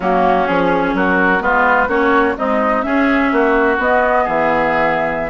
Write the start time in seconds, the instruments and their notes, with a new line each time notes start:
0.00 bassoon F#3, clarinet A#3, oboe C#4, flute F#4
0.47 bassoon F3, clarinet C#4, flute G#4
0.93 bassoon F#3, oboe F#4, flute A#4
1.40 bassoon G#3, clarinet B3, oboe F4, flute B4
1.87 bassoon A#3, clarinet C#4, oboe F#4, flute C#5
2.36 clarinet G#3, bassoon C4, oboe D#4, flute D#5
2.82 clarinet C#4, bassoon C#4, oboe G#4, flute E5
3.31 bassoon A#3, oboe F#4
3.78 bassoon B3, clarinet B3, flute D#5
4.23 bassoon E3, oboe G#4, flute E5